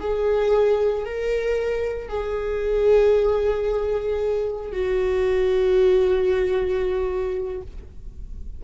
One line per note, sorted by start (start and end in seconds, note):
0.00 1.05 G#4
1.05 2.09 A#4
2.09 4.72 G#4
4.72 7.61 F#4